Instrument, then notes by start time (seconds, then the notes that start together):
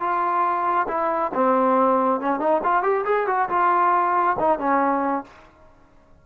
trombone
0.00 F4
0.88 E4
1.34 C4
2.20 C#4
2.40 D#4
2.64 F4
2.83 G4
3.05 G#4
3.27 F#4
3.49 F4
4.39 D#4
4.59 C#4